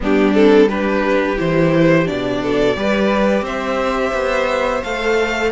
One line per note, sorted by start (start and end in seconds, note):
0.00 1.39 G3
0.00 0.33 B3
0.00 0.69 D4
0.00 0.34 G4
0.33 0.68 C4
0.33 0.69 A4
0.69 1.36 D4
0.69 2.41 G4
0.69 1.37 B4
1.36 2.08 E3
1.36 2.05 E4
1.36 2.07 C5
2.05 2.75 B2
2.05 2.74 D4
2.05 3.45 D5
2.42 2.77 A4
2.75 3.41 G3
2.75 4.82 G4
2.75 3.44 B4
3.41 4.10 C4
3.41 5.51 C5
3.41 4.83 E5
4.13 4.82 B3
4.83 5.51 A3
4.83 5.51 A4
4.83 5.51 F5